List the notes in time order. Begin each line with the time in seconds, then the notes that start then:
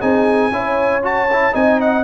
0.00 C4 D#4 G#4 G#5
0.52 C#4 E4 C#5
1.03 F#4 A5
1.33 E4
1.52 C4 D#4 D#5 G#5
1.81 F#5